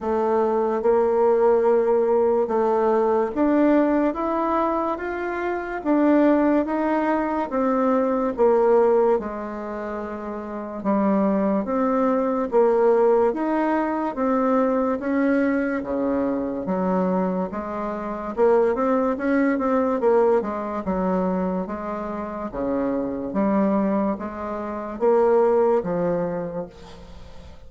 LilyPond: \new Staff \with { instrumentName = "bassoon" } { \time 4/4 \tempo 4 = 72 a4 ais2 a4 | d'4 e'4 f'4 d'4 | dis'4 c'4 ais4 gis4~ | gis4 g4 c'4 ais4 |
dis'4 c'4 cis'4 cis4 | fis4 gis4 ais8 c'8 cis'8 c'8 | ais8 gis8 fis4 gis4 cis4 | g4 gis4 ais4 f4 | }